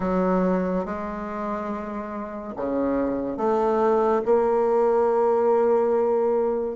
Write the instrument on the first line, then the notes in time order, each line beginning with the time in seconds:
bassoon
0.00 F#3
0.85 G#3
2.56 C#3
3.37 A3
4.25 A#3